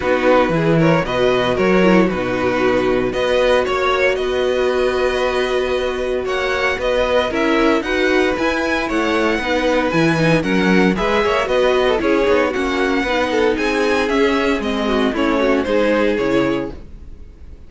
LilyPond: <<
  \new Staff \with { instrumentName = "violin" } { \time 4/4 \tempo 4 = 115 b'4. cis''8 dis''4 cis''4 | b'2 dis''4 cis''4 | dis''1 | fis''4 dis''4 e''4 fis''4 |
gis''4 fis''2 gis''4 | fis''4 e''4 dis''4 cis''4 | fis''2 gis''4 e''4 | dis''4 cis''4 c''4 cis''4 | }
  \new Staff \with { instrumentName = "violin" } { \time 4/4 fis'4 gis'8 ais'8 b'4 ais'4 | fis'2 b'4 cis''4 | b'1 | cis''4 b'4 ais'4 b'4~ |
b'4 cis''4 b'2 | ais'4 b'8 cis''8 b'8. a'16 gis'4 | fis'4 b'8 a'8 gis'2~ | gis'8 fis'8 e'8 fis'8 gis'2 | }
  \new Staff \with { instrumentName = "viola" } { \time 4/4 dis'4 e'4 fis'4. e'8 | dis'2 fis'2~ | fis'1~ | fis'2 e'4 fis'4 |
e'2 dis'4 e'8 dis'8 | cis'4 gis'4 fis'4 e'8 dis'8 | cis'4 dis'2 cis'4 | c'4 cis'4 dis'4 e'4 | }
  \new Staff \with { instrumentName = "cello" } { \time 4/4 b4 e4 b,4 fis4 | b,2 b4 ais4 | b1 | ais4 b4 cis'4 dis'4 |
e'4 a4 b4 e4 | fis4 gis8 ais8 b4 cis'8 b8 | ais4 b4 c'4 cis'4 | gis4 a4 gis4 cis4 | }
>>